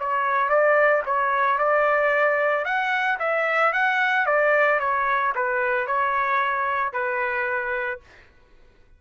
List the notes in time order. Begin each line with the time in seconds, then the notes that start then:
0.00 C#5
0.50 D5
1.06 C#5
1.59 D5
2.65 F#5
3.19 E5
3.73 F#5
4.26 D5
4.80 C#5
5.36 B4
5.87 C#5
6.94 B4